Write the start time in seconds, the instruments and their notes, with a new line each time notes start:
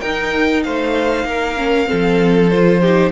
0.00 viola D#4, cello D#4, violin A#4 G5
0.63 cello A3, violin C5 F5
1.24 cello A#3, violin A#4
1.56 viola C#4
1.86 viola C4, violin A4
1.92 cello F3
2.49 viola F4, violin C5
2.81 viola D#4, violin G4